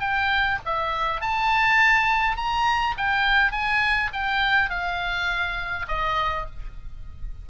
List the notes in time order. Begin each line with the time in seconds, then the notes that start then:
0.00 G5
0.65 E5
1.21 A5
2.36 A#5
2.97 G5
3.52 G#5
4.13 G5
4.70 F5
5.88 D#5